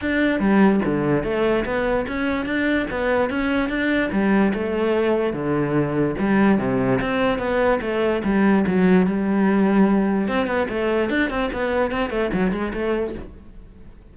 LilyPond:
\new Staff \with { instrumentName = "cello" } { \time 4/4 \tempo 4 = 146 d'4 g4 d4 a4 | b4 cis'4 d'4 b4 | cis'4 d'4 g4 a4~ | a4 d2 g4 |
c4 c'4 b4 a4 | g4 fis4 g2~ | g4 c'8 b8 a4 d'8 c'8 | b4 c'8 a8 fis8 gis8 a4 | }